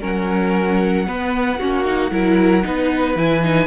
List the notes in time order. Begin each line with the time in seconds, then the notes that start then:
0.00 F#3 C#4 A#4 F#5
1.06 B3 B4
1.58 A#3 C#4 F#4
1.84 D#4
2.11 F#3 E4 A#4
2.63 B3 D#4 B4
3.15 E3 E4 G#5
3.42 D#4